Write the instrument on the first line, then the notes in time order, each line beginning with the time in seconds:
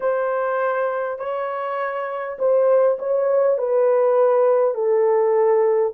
horn
0.00 C5
1.19 C#5
2.38 C5
2.98 C#5
3.58 B4
4.74 A4